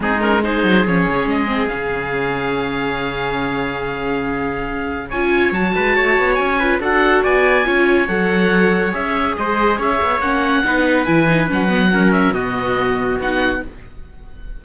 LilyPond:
<<
  \new Staff \with { instrumentName = "oboe" } { \time 4/4 \tempo 4 = 141 gis'8 ais'8 c''4 cis''4 dis''4 | f''1~ | f''1 | gis''4 a''2 gis''4 |
fis''4 gis''2 fis''4~ | fis''4 e''4 dis''4 e''4 | fis''2 gis''4 fis''4~ | fis''8 e''8 dis''2 fis''4 | }
  \new Staff \with { instrumentName = "trumpet" } { \time 4/4 dis'4 gis'2.~ | gis'1~ | gis'1 | cis''4. b'8 cis''4. b'8 |
a'4 d''4 cis''2~ | cis''2 c''4 cis''4~ | cis''4 b'2. | ais'4 fis'2. | }
  \new Staff \with { instrumentName = "viola" } { \time 4/4 c'8 cis'8 dis'4 cis'4. c'8 | cis'1~ | cis'1 | f'4 fis'2~ fis'8 f'8 |
fis'2 f'4 a'4~ | a'4 gis'2. | cis'4 dis'4 e'8 dis'8 cis'8 b8 | cis'4 b2 dis'4 | }
  \new Staff \with { instrumentName = "cello" } { \time 4/4 gis4. fis8 f8 cis8 gis4 | cis1~ | cis1 | cis'4 fis8 gis8 a8 b8 cis'4 |
d'4 b4 cis'4 fis4~ | fis4 cis'4 gis4 cis'8 b8 | ais4 b4 e4 fis4~ | fis4 b,2 b4 | }
>>